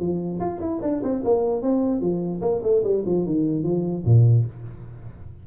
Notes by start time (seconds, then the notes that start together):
0.00 F3
0.40 F4
0.61 E4
0.83 D4
1.03 C4
1.25 A#3
1.63 C4
2.01 F3
2.42 A#3
2.63 A3
2.84 G3
3.06 F3
3.26 D#3
3.64 F3
4.06 A#2